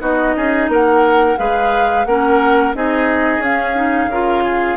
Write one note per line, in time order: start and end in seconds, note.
0.00 0.35 B3
0.00 1.36 D#4
0.00 0.36 F#4
0.00 0.70 D#5
0.37 0.68 C#4
0.37 0.71 G#4
0.68 1.37 A#3
0.68 1.39 A#4
0.68 1.38 F#5
1.38 2.06 G#3
1.38 2.06 G#4
1.38 2.08 B4
1.38 2.06 F5
2.06 2.74 A#3
2.06 2.75 C#4
2.06 2.76 A#4
2.06 2.74 F#5
2.75 3.39 C4
2.75 3.43 D#4
2.75 4.11 G#4
2.75 3.44 D#5
3.39 4.07 C#4
3.39 3.76 C#4
3.39 4.78 F5
3.76 4.10 D#4
4.07 4.75 C#3
4.07 4.78 F4
4.07 4.44 A#4
4.44 4.78 G#4